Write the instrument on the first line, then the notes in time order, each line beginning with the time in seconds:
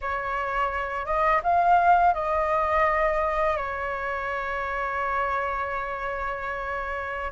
flute
0.01 C#5
1.05 D#5
1.43 F5
2.14 D#5
3.56 C#5